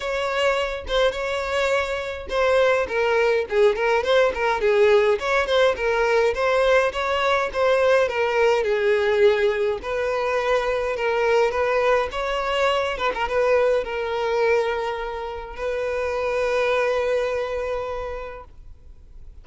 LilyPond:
\new Staff \with { instrumentName = "violin" } { \time 4/4 \tempo 4 = 104 cis''4. c''8 cis''2 | c''4 ais'4 gis'8 ais'8 c''8 ais'8 | gis'4 cis''8 c''8 ais'4 c''4 | cis''4 c''4 ais'4 gis'4~ |
gis'4 b'2 ais'4 | b'4 cis''4. b'16 ais'16 b'4 | ais'2. b'4~ | b'1 | }